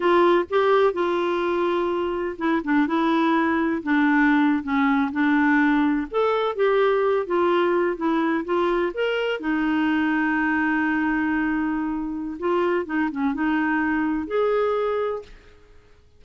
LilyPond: \new Staff \with { instrumentName = "clarinet" } { \time 4/4 \tempo 4 = 126 f'4 g'4 f'2~ | f'4 e'8 d'8 e'2 | d'4.~ d'16 cis'4 d'4~ d'16~ | d'8. a'4 g'4. f'8.~ |
f'8. e'4 f'4 ais'4 dis'16~ | dis'1~ | dis'2 f'4 dis'8 cis'8 | dis'2 gis'2 | }